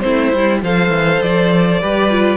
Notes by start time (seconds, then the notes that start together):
0.00 A3 C4 E4 C5
0.33 G3 E4
0.62 F3 A4 C5 F5
0.89 E3
1.22 F3 D5
1.81 G3 G4 B4
2.11 F4